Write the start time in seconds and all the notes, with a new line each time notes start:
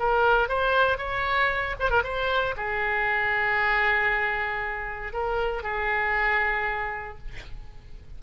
0.00 A#4
0.49 C5
0.98 C#5
1.80 C5
1.91 A#4
2.04 C5
2.57 G#4
5.14 A#4
5.64 G#4